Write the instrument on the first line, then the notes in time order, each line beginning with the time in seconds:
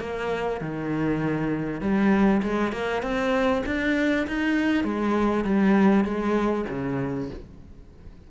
cello
0.00 A#3
0.61 D#3
1.81 G3
2.42 G#3
2.72 A#3
3.02 C4
3.66 D4
4.27 D#4
4.84 G#3
5.44 G3
6.04 G#3
6.69 C#3